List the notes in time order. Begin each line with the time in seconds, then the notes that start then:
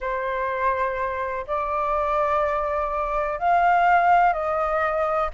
0.00 C5
1.47 D5
3.39 F5
4.33 D#5